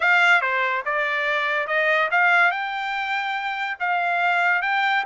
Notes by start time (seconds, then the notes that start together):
0.00 F5
0.41 C5
0.85 D5
1.67 D#5
2.11 F5
2.51 G5
3.79 F5
4.62 G5